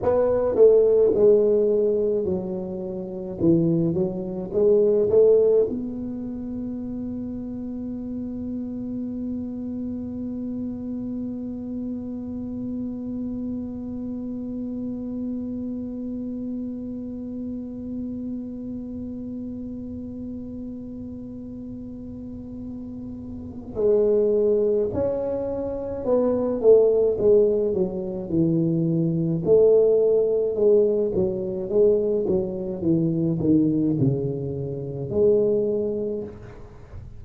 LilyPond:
\new Staff \with { instrumentName = "tuba" } { \time 4/4 \tempo 4 = 53 b8 a8 gis4 fis4 e8 fis8 | gis8 a8 b2.~ | b1~ | b1~ |
b1~ | b4 gis4 cis'4 b8 a8 | gis8 fis8 e4 a4 gis8 fis8 | gis8 fis8 e8 dis8 cis4 gis4 | }